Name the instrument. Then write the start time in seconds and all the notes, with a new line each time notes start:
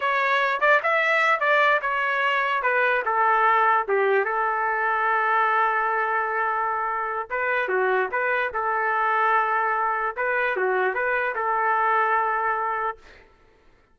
trumpet
0.00 C#5
0.60 D5
0.82 E5
1.39 D5
1.81 C#5
2.62 B4
3.05 A4
3.88 G4
4.25 A4
7.30 B4
7.68 F#4
8.11 B4
8.53 A4
10.16 B4
10.56 F#4
10.94 B4
11.35 A4